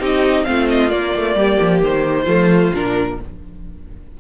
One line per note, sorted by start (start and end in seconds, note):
0.00 0.45 C4
0.00 0.45 D#4
0.00 0.45 G4
0.00 0.45 D#5
0.45 0.92 A3
0.45 0.89 C4
0.45 1.39 F4
0.45 0.67 F5
0.70 0.90 D#5
0.89 2.25 A#3
0.89 1.15 A#3
0.89 1.80 D5
1.15 1.35 A3
1.35 1.58 G3
1.35 2.24 G4
1.61 1.82 F3
1.82 2.27 D#3
1.82 2.74 C5
2.24 2.72 F3
2.24 2.73 A3
2.24 3.14 F4
2.73 3.20 A#2
2.73 3.18 D4
2.73 3.20 A#4